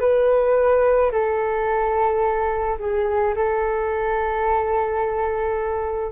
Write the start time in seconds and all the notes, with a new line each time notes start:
0.00 B4
1.12 A4
2.79 G#4
3.35 A4